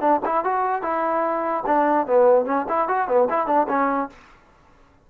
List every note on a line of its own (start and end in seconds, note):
0.00 0.21 D4
0.25 0.44 E4
0.44 0.82 F#4
0.82 1.64 E4
1.66 2.06 D4
2.06 2.45 B3
2.45 2.65 C#4
2.68 2.88 E4
2.88 3.07 F#4
3.07 3.28 B3
3.29 3.46 E4
3.46 3.67 D4
3.68 4.09 C#4